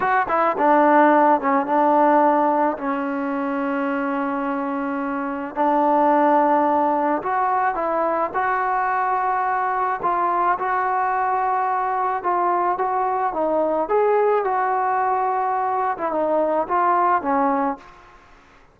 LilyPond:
\new Staff \with { instrumentName = "trombone" } { \time 4/4 \tempo 4 = 108 fis'8 e'8 d'4. cis'8 d'4~ | d'4 cis'2.~ | cis'2 d'2~ | d'4 fis'4 e'4 fis'4~ |
fis'2 f'4 fis'4~ | fis'2 f'4 fis'4 | dis'4 gis'4 fis'2~ | fis'8. e'16 dis'4 f'4 cis'4 | }